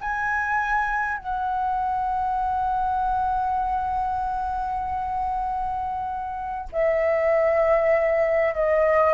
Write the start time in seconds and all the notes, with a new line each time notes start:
0.00 G#5
1.17 F#5
6.72 E5
8.54 D#5